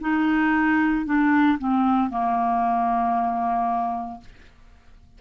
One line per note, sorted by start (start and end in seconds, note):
0.00 1.05 D#4
1.05 1.58 D4
1.58 2.10 C4
2.10 4.20 A#3